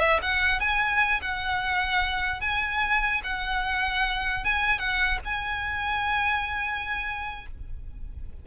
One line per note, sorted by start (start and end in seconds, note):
0.00 0.20 E5
0.23 0.60 F#5
0.60 1.21 G#5
1.22 2.41 F#5
2.41 3.22 G#5
3.24 4.45 F#5
4.45 4.79 G#5
4.79 5.19 F#5
5.25 7.47 G#5